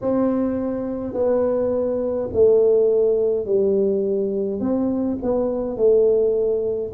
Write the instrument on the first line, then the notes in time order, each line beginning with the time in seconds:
tuba
0.01 C4
1.13 B3
2.33 A3
3.45 G3
4.59 C4
5.22 B3
5.76 A3